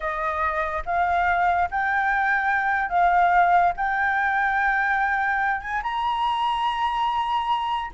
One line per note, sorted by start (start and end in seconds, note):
0.00 0.83 D#5
0.85 1.69 F5
1.70 2.89 G5
2.89 3.72 F5
3.77 5.60 G5
5.60 5.81 G#5
5.83 7.91 A#5